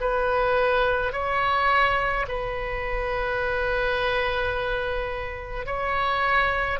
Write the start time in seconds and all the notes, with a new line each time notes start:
0.00 B4
1.13 C#5
2.28 B4
5.66 C#5